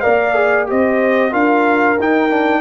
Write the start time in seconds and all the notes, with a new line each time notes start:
0.00 A#3 A#4 D5 F5
0.34 G#4
0.66 C4 G4 C5 D#5
1.31 D4 F4 A#4 F5
1.99 D#4 G5
2.30 D4